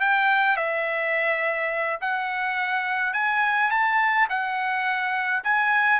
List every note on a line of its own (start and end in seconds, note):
0.00 0.56 G5
0.56 1.99 E5
2.01 3.13 F#5
3.13 3.70 G#5
3.70 4.28 A5
4.29 5.43 F#5
5.44 6.00 G#5